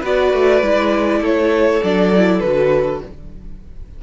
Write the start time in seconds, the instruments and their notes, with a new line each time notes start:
0.00 cello B3, viola F#4, violin B4 D5
0.33 cello A3
0.61 cello G#3, viola E4
1.21 cello A3, violin A4 C#5
1.83 cello F#3, viola D4, violin D5
2.15 viola E4
2.40 cello D3, viola F#4, violin B4